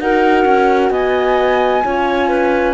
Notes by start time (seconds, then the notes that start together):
0.00 D#4 F#4 A#4 F#5
0.46 C#4
0.90 B3 D#5 G#5
1.85 C#4 F4 C#5
2.29 B4